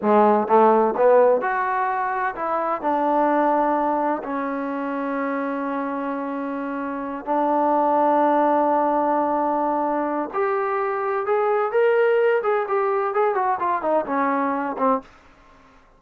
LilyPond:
\new Staff \with { instrumentName = "trombone" } { \time 4/4 \tempo 4 = 128 gis4 a4 b4 fis'4~ | fis'4 e'4 d'2~ | d'4 cis'2.~ | cis'2.~ cis'8 d'8~ |
d'1~ | d'2 g'2 | gis'4 ais'4. gis'8 g'4 | gis'8 fis'8 f'8 dis'8 cis'4. c'8 | }